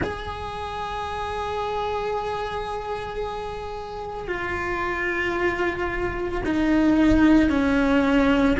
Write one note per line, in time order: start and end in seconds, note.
0.03 4.27 G#4
4.27 6.41 F4
6.45 7.50 D#4
7.50 8.57 C#4